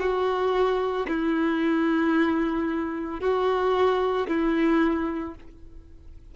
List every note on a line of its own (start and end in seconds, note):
0.00 1.07 F#4
1.08 3.20 E4
3.20 4.28 F#4
4.28 5.35 E4